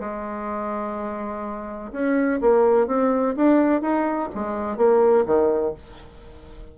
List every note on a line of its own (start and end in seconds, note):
0.00 1.92 G#3
1.92 2.40 C#4
2.42 2.87 A#3
2.87 3.35 C4
3.36 3.82 D4
3.82 4.30 D#4
4.35 4.77 G#3
4.77 5.25 A#3
5.26 5.74 D#3